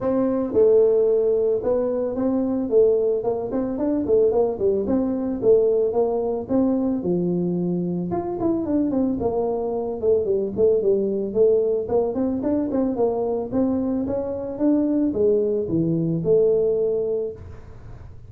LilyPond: \new Staff \with { instrumentName = "tuba" } { \time 4/4 \tempo 4 = 111 c'4 a2 b4 | c'4 a4 ais8 c'8 d'8 a8 | ais8 g8 c'4 a4 ais4 | c'4 f2 f'8 e'8 |
d'8 c'8 ais4. a8 g8 a8 | g4 a4 ais8 c'8 d'8 c'8 | ais4 c'4 cis'4 d'4 | gis4 e4 a2 | }